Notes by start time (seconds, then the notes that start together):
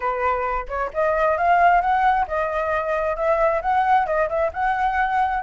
0.00 B4
0.68 C#5
0.93 D#5
1.37 F5
1.81 F#5
2.27 D#5
3.16 E5
3.61 F#5
4.06 D#5
4.29 E5
4.53 F#5